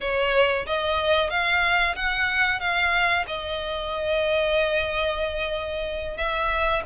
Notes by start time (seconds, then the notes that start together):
0.00 C#5
0.66 D#5
1.30 F5
1.95 F#5
2.59 F5
3.27 D#5
6.17 E5